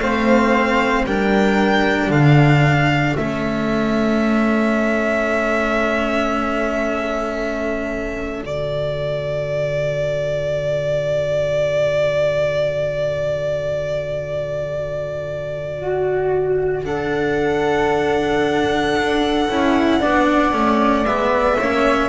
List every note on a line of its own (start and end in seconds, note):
0.00 1.05 A3
0.00 1.07 C4
0.00 1.07 C5
0.00 1.05 F5
1.06 2.09 G3
1.06 3.18 D4
1.06 2.10 A#4
1.06 2.12 G5
2.09 3.15 D3
2.09 15.79 A4
2.09 3.17 F5
3.17 8.43 A3
3.17 8.43 C#4
3.17 8.44 E5
8.43 18.96 D3
8.43 16.85 F#4
8.43 16.85 D5
15.79 16.85 F#4
16.85 19.49 D4
16.85 20.00 A4
16.85 21.06 F#5
18.97 19.49 D4
19.50 20.02 C#4
19.50 20.01 E4
20.00 20.54 B3
20.00 20.53 D4
20.00 21.58 D5
20.53 21.05 A3
20.53 21.06 C#4
21.05 21.58 G#3
21.05 21.61 B3
21.05 22.10 E5
21.59 22.10 A#3
21.59 22.10 C#4
21.59 22.10 C#5